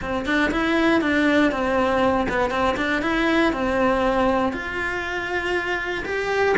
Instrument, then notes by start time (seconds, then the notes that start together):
cello
0.01 C4
0.25 D4
0.51 E4
1.01 D4
1.51 C4
2.28 B3
2.50 C4
2.76 D4
3.02 E4
3.52 C4
4.52 F4
6.05 G4